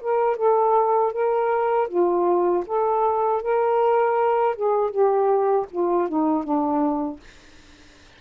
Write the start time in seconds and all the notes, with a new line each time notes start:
0.00 A#4
0.36 A4
1.12 A#4
1.87 F4
2.66 A4
3.42 A#4
4.55 G#4
4.90 G4
5.71 F4
6.08 D#4
6.43 D4